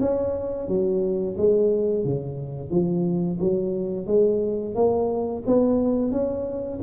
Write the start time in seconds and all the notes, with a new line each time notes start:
0.00 C#4
0.68 F#3
1.37 G#3
2.05 C#3
2.71 F3
3.40 F#3
4.07 G#3
4.75 A#3
5.46 B3
6.11 C#4